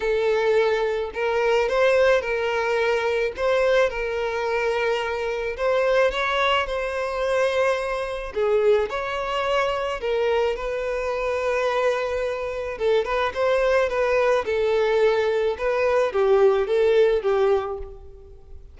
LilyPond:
\new Staff \with { instrumentName = "violin" } { \time 4/4 \tempo 4 = 108 a'2 ais'4 c''4 | ais'2 c''4 ais'4~ | ais'2 c''4 cis''4 | c''2. gis'4 |
cis''2 ais'4 b'4~ | b'2. a'8 b'8 | c''4 b'4 a'2 | b'4 g'4 a'4 g'4 | }